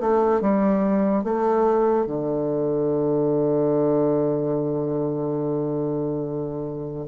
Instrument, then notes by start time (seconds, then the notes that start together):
bassoon
0.00 A3
0.41 G3
1.23 A3
2.06 D3